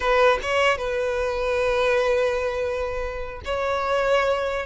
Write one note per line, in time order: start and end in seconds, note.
0.00 0.39 B4
0.42 0.77 C#5
0.77 3.41 B4
3.44 4.66 C#5